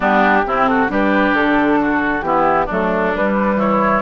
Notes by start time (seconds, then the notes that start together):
0.00 G3 B3 D4 G4
0.45 C3 C4 E4
0.66 F#4 A4
0.87 G3 D4 G4 B4
1.32 D3 A4
1.80 F#4
2.21 E3 B3 E4 G4
2.65 F#3 A3 D4 A4
3.14 G3 B4
3.55 E3 E4 C#5